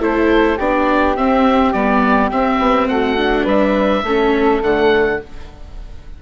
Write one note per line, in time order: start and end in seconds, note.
0.00 0.58 A3
0.00 0.58 E4
0.00 0.58 A4
0.00 0.59 C5
0.58 1.17 B3
0.58 1.17 D4
0.58 2.89 G4
0.58 1.16 D5
1.16 1.74 C4
1.16 1.73 E5
1.73 2.32 G3
1.73 2.31 B3
1.73 2.30 D5
2.31 3.17 C4
2.31 2.59 C4
2.31 2.88 E5
2.59 2.88 B3
2.88 3.46 A3
2.88 3.44 F#4
2.88 3.46 F#5
3.17 4.04 D4
3.44 4.03 G3
3.44 4.02 B4
3.44 4.63 E5
4.03 4.61 A3
4.03 4.62 C#4
4.03 5.22 A4
4.62 5.21 D3
4.62 5.20 A3
4.62 5.21 F#5